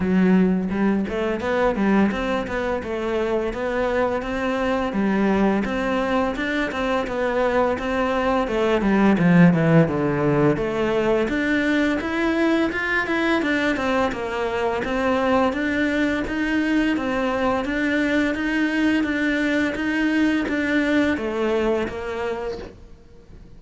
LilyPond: \new Staff \with { instrumentName = "cello" } { \time 4/4 \tempo 4 = 85 fis4 g8 a8 b8 g8 c'8 b8 | a4 b4 c'4 g4 | c'4 d'8 c'8 b4 c'4 | a8 g8 f8 e8 d4 a4 |
d'4 e'4 f'8 e'8 d'8 c'8 | ais4 c'4 d'4 dis'4 | c'4 d'4 dis'4 d'4 | dis'4 d'4 a4 ais4 | }